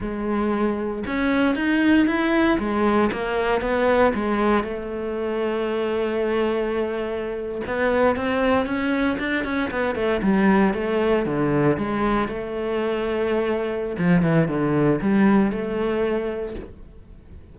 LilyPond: \new Staff \with { instrumentName = "cello" } { \time 4/4 \tempo 4 = 116 gis2 cis'4 dis'4 | e'4 gis4 ais4 b4 | gis4 a2.~ | a2~ a8. b4 c'16~ |
c'8. cis'4 d'8 cis'8 b8 a8 g16~ | g8. a4 d4 gis4 a16~ | a2. f8 e8 | d4 g4 a2 | }